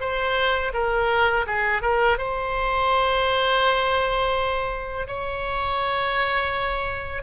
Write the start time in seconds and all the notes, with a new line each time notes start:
0.00 C5
0.74 A#4
1.47 G#4
1.82 A#4
2.18 C5
5.07 C#5